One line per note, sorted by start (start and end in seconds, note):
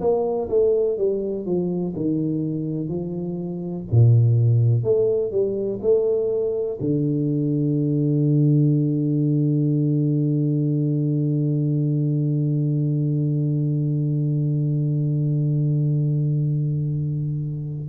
0.00 0.48 A#3
0.49 0.97 A3
0.97 1.45 G3
1.45 1.94 F3
1.95 2.88 D#3
2.88 3.85 F3
3.91 4.83 A#2
4.83 5.31 A3
5.31 5.79 G3
5.81 6.78 A3
6.80 17.89 D3